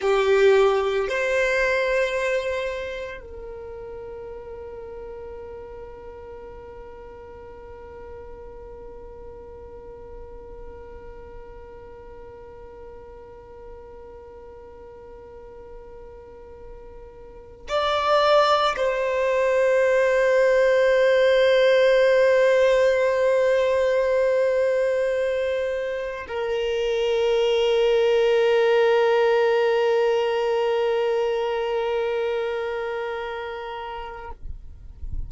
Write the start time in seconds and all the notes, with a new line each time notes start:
0.01 G4
1.08 C5
3.20 A#4
17.68 D5
18.76 C5
26.27 A#4